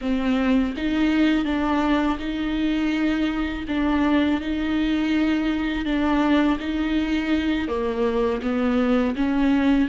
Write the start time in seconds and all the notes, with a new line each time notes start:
0.01 C4
0.76 D#4
1.45 D4
2.18 D#4
3.68 D4
4.40 D#4
5.85 D4
6.59 D#4
7.68 A#3
8.41 B3
9.15 C#4